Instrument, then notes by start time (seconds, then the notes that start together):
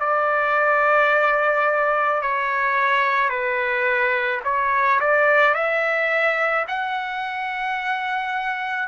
trumpet
0.00 D5
2.22 C#5
3.30 B4
4.44 C#5
5.00 D5
5.55 E5
6.68 F#5